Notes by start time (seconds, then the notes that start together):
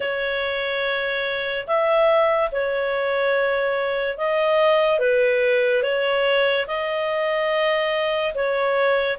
0.00 C#5
1.67 E5
2.52 C#5
4.17 D#5
4.99 B4
5.83 C#5
6.67 D#5
8.34 C#5